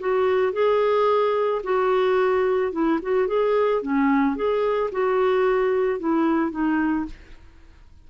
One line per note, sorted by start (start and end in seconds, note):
0.00 0.53 F#4
0.53 1.62 G#4
1.64 2.72 F#4
2.72 3.00 E4
3.02 3.28 F#4
3.28 3.82 G#4
3.82 4.36 C#4
4.36 4.91 G#4
4.92 6.00 F#4
6.00 6.51 E4
6.51 7.06 D#4